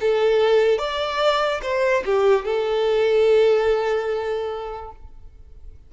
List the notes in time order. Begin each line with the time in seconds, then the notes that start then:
0.00 A4
0.78 D5
1.62 C5
2.05 G4
2.44 A4